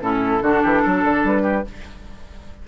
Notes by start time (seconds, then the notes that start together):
0.00 A2 C#4 E4 A4
0.42 D3 D4 F#4
0.62 E3 G4
0.82 F#3 A4
1.04 D3
1.23 G3 B4
1.42 G4